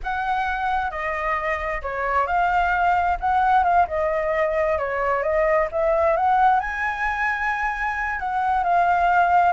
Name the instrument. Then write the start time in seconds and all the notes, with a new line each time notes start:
flute
0.03 F#5
0.90 D#5
1.82 C#5
2.26 F5
3.20 F#5
3.63 F5
3.87 D#5
4.78 C#5
5.22 D#5
5.71 E5
6.16 F#5
6.60 G#5
8.19 F#5
8.63 F5